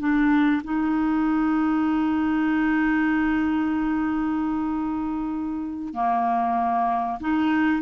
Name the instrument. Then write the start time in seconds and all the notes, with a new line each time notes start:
clarinet
0.00 D4
0.64 D#4
5.94 A#3
7.21 D#4